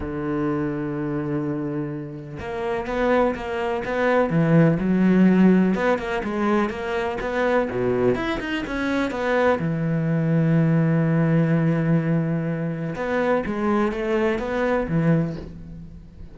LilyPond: \new Staff \with { instrumentName = "cello" } { \time 4/4 \tempo 4 = 125 d1~ | d4 ais4 b4 ais4 | b4 e4 fis2 | b8 ais8 gis4 ais4 b4 |
b,4 e'8 dis'8 cis'4 b4 | e1~ | e2. b4 | gis4 a4 b4 e4 | }